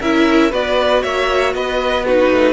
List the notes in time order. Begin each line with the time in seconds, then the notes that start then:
0.00 C#4 E4 A#4 E5
0.51 B3 F#4 B4 D5
1.02 A#3 C#5 E5
1.53 B3 B4 D#5
2.05 D#4 F#4 B4
2.31 A3